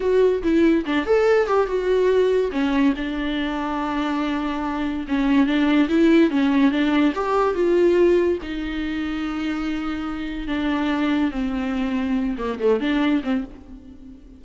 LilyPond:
\new Staff \with { instrumentName = "viola" } { \time 4/4 \tempo 4 = 143 fis'4 e'4 d'8 a'4 g'8 | fis'2 cis'4 d'4~ | d'1 | cis'4 d'4 e'4 cis'4 |
d'4 g'4 f'2 | dis'1~ | dis'4 d'2 c'4~ | c'4. ais8 a8 d'4 c'8 | }